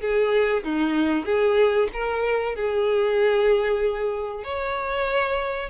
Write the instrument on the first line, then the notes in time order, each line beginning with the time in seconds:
violin
0.00 G#4
0.64 D#4
1.25 G#4
1.93 A#4
2.55 G#4
4.44 C#5